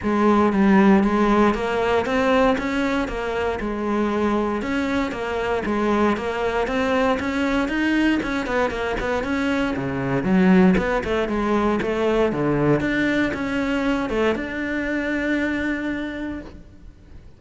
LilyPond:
\new Staff \with { instrumentName = "cello" } { \time 4/4 \tempo 4 = 117 gis4 g4 gis4 ais4 | c'4 cis'4 ais4 gis4~ | gis4 cis'4 ais4 gis4 | ais4 c'4 cis'4 dis'4 |
cis'8 b8 ais8 b8 cis'4 cis4 | fis4 b8 a8 gis4 a4 | d4 d'4 cis'4. a8 | d'1 | }